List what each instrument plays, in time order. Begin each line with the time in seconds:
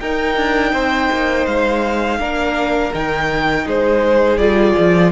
0.00 cello D#4, viola D#4, violin A#4 G5
0.36 cello D4
0.73 cello C4, violin C5
1.12 cello A#3
1.46 cello G#3, violin F5
2.19 cello A#3, viola D4, violin A#4
2.94 cello D#3, viola D#4, violin G5
3.67 cello G#3, violin G#4 C5
4.38 cello G3, viola F4, violin D5
4.78 cello F3